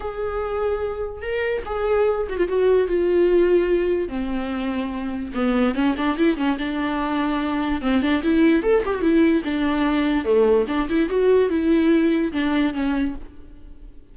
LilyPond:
\new Staff \with { instrumentName = "viola" } { \time 4/4 \tempo 4 = 146 gis'2. ais'4 | gis'4. fis'16 f'16 fis'4 f'4~ | f'2 c'2~ | c'4 b4 cis'8 d'8 e'8 cis'8 |
d'2. c'8 d'8 | e'4 a'8 g'16 fis'16 e'4 d'4~ | d'4 a4 d'8 e'8 fis'4 | e'2 d'4 cis'4 | }